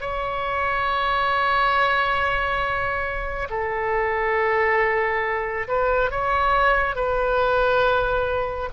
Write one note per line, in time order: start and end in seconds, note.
0.00 3.48 C#5
3.49 5.67 A4
5.68 6.10 B4
6.10 6.95 C#5
6.95 8.69 B4